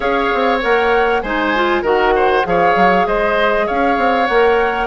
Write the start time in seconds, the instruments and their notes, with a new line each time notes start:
0.00 bassoon C#4, clarinet G#4, oboe C#5, flute F5
0.34 bassoon C4
0.61 bassoon A#3, clarinet A#4, flute F#5
1.21 bassoon G#3, clarinet D#4, oboe C5, flute G#5
1.55 clarinet F4
1.82 bassoon D#3, clarinet F#4, oboe A#4, flute F#5
2.15 oboe C5
2.43 bassoon F3, clarinet G#4, oboe C#5, flute F5
2.75 bassoon F#3
3.06 bassoon G#3, oboe C5, flute D#5
3.66 bassoon C#4, oboe C#5, flute F5
3.97 bassoon C4
4.27 bassoon A#3, clarinet A#4, flute F#5